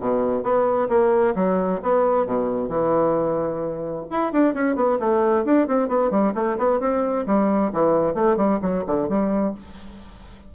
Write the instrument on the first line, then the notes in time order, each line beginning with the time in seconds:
bassoon
0.00 B2
0.43 B3
0.89 A#3
1.35 F#3
1.82 B3
2.26 B2
2.68 E3
4.10 E4
4.32 D4
4.54 C#4
4.75 B3
4.99 A3
5.45 D4
5.68 C4
5.88 B3
6.10 G3
6.35 A3
6.58 B3
6.80 C4
7.26 G3
7.72 E3
8.14 A3
8.37 G3
8.62 F#3
8.86 D3
9.08 G3